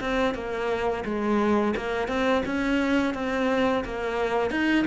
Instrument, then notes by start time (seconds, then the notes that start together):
cello
0.00 C4
0.34 A#3
1.04 G#3
1.76 A#3
2.08 C4
2.45 C#4
3.14 C4
3.85 A#3
4.50 D#4